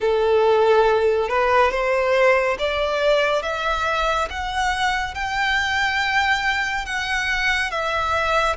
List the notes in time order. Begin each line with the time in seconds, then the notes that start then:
0.00 A4
1.28 B4
1.71 C5
2.59 D5
3.42 E5
4.30 F#5
5.14 G5
6.85 F#5
7.70 E5